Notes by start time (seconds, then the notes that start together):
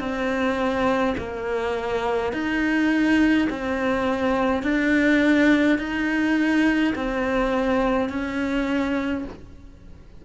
0.00 C4
1.18 A#3
2.33 D#4
3.50 C4
4.64 D4
5.79 D#4
6.95 C4
8.10 C#4